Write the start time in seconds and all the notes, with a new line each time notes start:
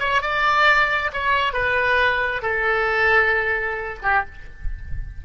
0.00 C#5
0.22 D5
1.13 C#5
1.53 B4
2.42 A4
4.03 G4